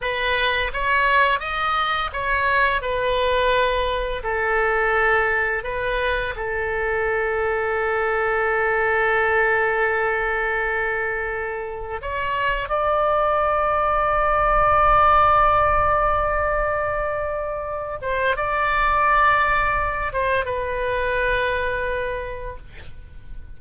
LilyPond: \new Staff \with { instrumentName = "oboe" } { \time 4/4 \tempo 4 = 85 b'4 cis''4 dis''4 cis''4 | b'2 a'2 | b'4 a'2.~ | a'1~ |
a'4 cis''4 d''2~ | d''1~ | d''4. c''8 d''2~ | d''8 c''8 b'2. | }